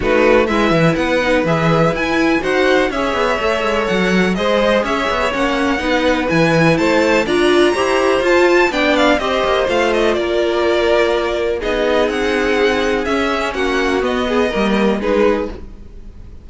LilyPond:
<<
  \new Staff \with { instrumentName = "violin" } { \time 4/4 \tempo 4 = 124 b'4 e''4 fis''4 e''4 | gis''4 fis''4 e''2 | fis''4 dis''4 e''4 fis''4~ | fis''4 gis''4 a''4 ais''4~ |
ais''4 a''4 g''8 f''8 dis''4 | f''8 dis''8 d''2. | dis''4 fis''2 e''4 | fis''4 dis''2 b'4 | }
  \new Staff \with { instrumentName = "violin" } { \time 4/4 fis'4 b'2.~ | b'4 c''4 cis''2~ | cis''4 c''4 cis''2 | b'2 c''4 d''4 |
c''2 d''4 c''4~ | c''4 ais'2. | gis'1 | fis'4. gis'8 ais'4 gis'4 | }
  \new Staff \with { instrumentName = "viola" } { \time 4/4 dis'4 e'4. dis'8 gis'4 | e'4 fis'4 gis'4 a'4~ | a'4 gis'2 cis'4 | dis'4 e'2 f'4 |
g'4 f'4 d'4 g'4 | f'1 | dis'2. cis'4~ | cis'4 b4 ais4 dis'4 | }
  \new Staff \with { instrumentName = "cello" } { \time 4/4 a4 gis8 e8 b4 e4 | e'4 dis'4 cis'8 b8 a8 gis8 | fis4 gis4 cis'8 b8 ais4 | b4 e4 a4 d'4 |
e'4 f'4 b4 c'8 ais8 | a4 ais2. | b4 c'2 cis'4 | ais4 b4 g4 gis4 | }
>>